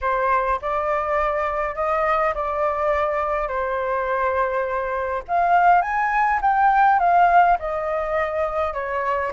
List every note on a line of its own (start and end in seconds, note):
0.01 0.59 C5
0.61 1.75 D5
1.75 2.33 D#5
2.34 3.47 D5
3.47 5.22 C5
5.28 5.81 F5
5.81 6.39 G#5
6.41 6.99 G5
6.99 7.57 F5
7.59 8.73 D#5
8.73 9.32 C#5